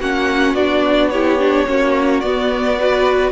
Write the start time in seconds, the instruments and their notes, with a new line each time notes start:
0.00 cello A#3, viola C#4, violin F#4 F#5
0.54 cello B3, viola D4, violin D5
1.09 viola E4, violin G4 C#5
1.39 viola D4
1.66 cello A#3, viola C#4, violin F#4
2.20 cello B3, viola B3, violin D5
2.80 viola F#4, violin B4